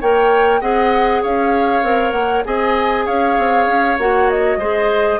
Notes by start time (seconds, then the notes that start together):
0.00 A#3 A#4 C#5 G5
0.61 C4 G#4 D#5 F#5
1.21 C#4 C#5 F5
1.83 C4 A#4
2.11 A#3 F#5
2.45 C4 G#4 D#5 G#5
3.05 C#4 C#5 F5
3.37 C4
3.67 C#4
3.97 A#3 F#4 F#5
4.29 D#5
4.56 G#3 G#4 C5